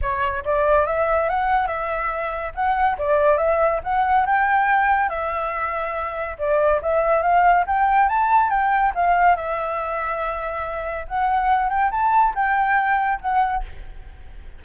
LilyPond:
\new Staff \with { instrumentName = "flute" } { \time 4/4 \tempo 4 = 141 cis''4 d''4 e''4 fis''4 | e''2 fis''4 d''4 | e''4 fis''4 g''2 | e''2. d''4 |
e''4 f''4 g''4 a''4 | g''4 f''4 e''2~ | e''2 fis''4. g''8 | a''4 g''2 fis''4 | }